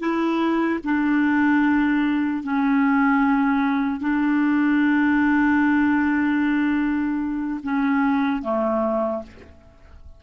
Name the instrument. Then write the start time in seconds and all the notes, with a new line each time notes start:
clarinet
0.00 E4
0.84 D4
2.44 C#4
4.01 D4
7.64 C#4
8.43 A3